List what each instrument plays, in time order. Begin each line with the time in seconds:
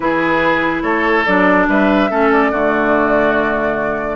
0.00 bassoon E3, clarinet E4, oboe G#4, flute B4
0.82 bassoon A3, oboe A4, flute C#5
1.25 bassoon F#3, clarinet D4, flute D5
1.68 bassoon G3, oboe B4, flute E5
2.10 bassoon A3, clarinet C#4, oboe A4
2.32 flute D5
2.51 bassoon D3, clarinet A3, oboe F#4